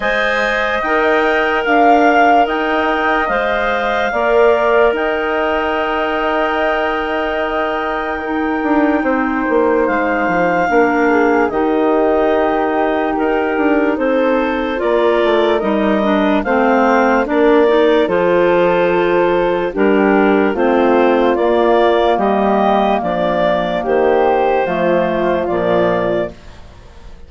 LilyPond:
<<
  \new Staff \with { instrumentName = "clarinet" } { \time 4/4 \tempo 4 = 73 gis''4 g''4 f''4 g''4 | f''2 g''2~ | g''1 | f''2 dis''2 |
ais'4 c''4 d''4 dis''4 | f''4 d''4 c''2 | ais'4 c''4 d''4 dis''4 | d''4 c''2 d''4 | }
  \new Staff \with { instrumentName = "flute" } { \time 4/4 dis''2 f''4 dis''4~ | dis''4 d''4 dis''2~ | dis''2 ais'4 c''4~ | c''4 ais'8 gis'8 g'2~ |
g'4 a'4 ais'2 | c''4 ais'4 a'2 | g'4 f'2 g'4 | d'4 g'4 f'2 | }
  \new Staff \with { instrumentName = "clarinet" } { \time 4/4 c''4 ais'2. | c''4 ais'2.~ | ais'2 dis'2~ | dis'4 d'4 dis'2~ |
dis'2 f'4 dis'8 d'8 | c'4 d'8 dis'8 f'2 | d'4 c'4 ais2~ | ais2 a4 f4 | }
  \new Staff \with { instrumentName = "bassoon" } { \time 4/4 gis4 dis'4 d'4 dis'4 | gis4 ais4 dis'2~ | dis'2~ dis'8 d'8 c'8 ais8 | gis8 f8 ais4 dis2 |
dis'8 d'8 c'4 ais8 a8 g4 | a4 ais4 f2 | g4 a4 ais4 g4 | f4 dis4 f4 ais,4 | }
>>